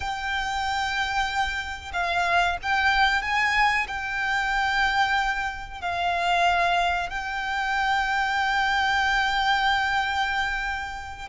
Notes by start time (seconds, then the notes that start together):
0.00 G5
1.92 F5
2.62 G5
3.22 G#5
3.87 G5
5.81 F5
7.09 G5